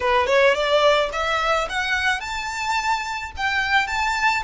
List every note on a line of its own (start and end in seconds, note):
0.00 0.26 B4
0.26 0.54 C#5
0.54 1.09 D5
1.12 1.67 E5
1.69 2.20 F#5
2.20 3.31 A5
3.36 3.87 G5
3.87 4.42 A5